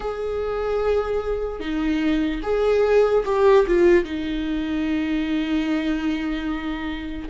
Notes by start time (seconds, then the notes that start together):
0.00 G#4
1.60 D#4
2.43 G#4
3.25 G4
3.66 F4
4.04 D#4